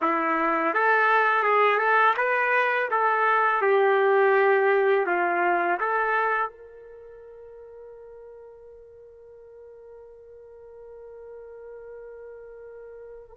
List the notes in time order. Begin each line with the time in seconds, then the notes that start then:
0.01 E4
0.74 A4
1.43 G#4
1.77 A4
2.17 B4
2.90 A4
3.61 G4
5.06 F4
5.80 A4
6.49 A#4